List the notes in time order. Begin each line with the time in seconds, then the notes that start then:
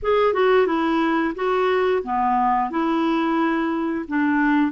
0.02 G#4
0.33 F#4
0.66 E4
1.35 F#4
2.03 B3
2.70 E4
4.08 D4